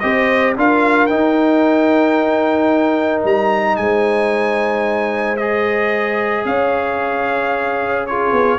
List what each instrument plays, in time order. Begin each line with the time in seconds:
0.00 tuba C4, trombone G4, horn C5, trumpet D#5
0.57 tuba D4, trombone F4, horn A#4, trumpet F5
1.07 trombone D#4, tuba D#4, trumpet G5
3.24 tuba G3, trumpet A#5
3.77 tuba G#3, horn C5, trumpet G#5
5.37 trombone G#4, trumpet D#5
6.45 tuba C#4, horn C#5, trumpet F5
8.07 trombone F4, horn G#4, trumpet C#5
8.32 tuba B3